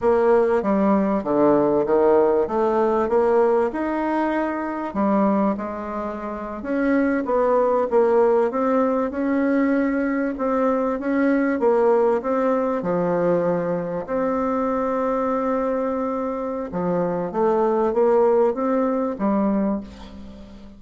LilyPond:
\new Staff \with { instrumentName = "bassoon" } { \time 4/4 \tempo 4 = 97 ais4 g4 d4 dis4 | a4 ais4 dis'2 | g4 gis4.~ gis16 cis'4 b16~ | b8. ais4 c'4 cis'4~ cis'16~ |
cis'8. c'4 cis'4 ais4 c'16~ | c'8. f2 c'4~ c'16~ | c'2. f4 | a4 ais4 c'4 g4 | }